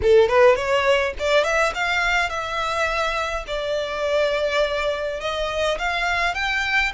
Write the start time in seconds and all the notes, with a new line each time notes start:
0.02 A4
0.28 B4
0.55 C#5
1.19 D5
1.44 E5
1.74 F5
2.29 E5
3.47 D5
5.20 D#5
5.78 F5
6.34 G5